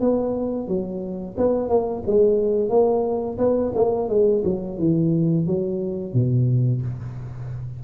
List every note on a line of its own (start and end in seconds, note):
0.00 0.68 B3
0.68 1.36 F#3
1.37 1.69 B3
1.69 2.03 A#3
2.06 2.70 G#3
2.70 3.38 A#3
3.38 3.72 B3
3.75 4.09 A#3
4.09 4.43 G#3
4.45 4.79 F#3
4.79 5.46 E3
5.46 6.14 F#3
6.14 6.82 B2